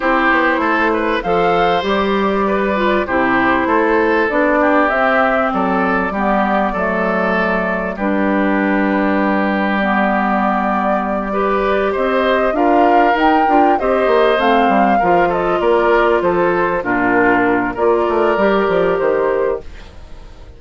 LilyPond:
<<
  \new Staff \with { instrumentName = "flute" } { \time 4/4 \tempo 4 = 98 c''2 f''4 d''4~ | d''4 c''2 d''4 | e''4 d''2.~ | d''4 b'2. |
d''2.~ d''8 dis''8~ | dis''8 f''4 g''4 dis''4 f''8~ | f''4 dis''8 d''4 c''4 ais'8~ | ais'4 d''2 c''4 | }
  \new Staff \with { instrumentName = "oboe" } { \time 4/4 g'4 a'8 b'8 c''2 | b'4 g'4 a'4. g'8~ | g'4 a'4 g'4 a'4~ | a'4 g'2.~ |
g'2~ g'8 b'4 c''8~ | c''8 ais'2 c''4.~ | c''8 ais'8 a'8 ais'4 a'4 f'8~ | f'4 ais'2. | }
  \new Staff \with { instrumentName = "clarinet" } { \time 4/4 e'2 a'4 g'4~ | g'8 f'8 e'2 d'4 | c'2 b4 a4~ | a4 d'2. |
b2~ b8 g'4.~ | g'8 f'4 dis'8 f'8 g'4 c'8~ | c'8 f'2. d'8~ | d'4 f'4 g'2 | }
  \new Staff \with { instrumentName = "bassoon" } { \time 4/4 c'8 b8 a4 f4 g4~ | g4 c4 a4 b4 | c'4 fis4 g4 fis4~ | fis4 g2.~ |
g2.~ g8 c'8~ | c'8 d'4 dis'8 d'8 c'8 ais8 a8 | g8 f4 ais4 f4 ais,8~ | ais,4 ais8 a8 g8 f8 dis4 | }
>>